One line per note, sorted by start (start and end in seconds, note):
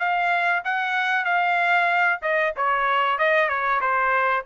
0.00 0.63 F5
0.65 1.25 F#5
1.25 2.20 F5
2.22 2.54 D#5
2.57 3.19 C#5
3.19 3.49 D#5
3.49 3.81 C#5
3.81 4.44 C5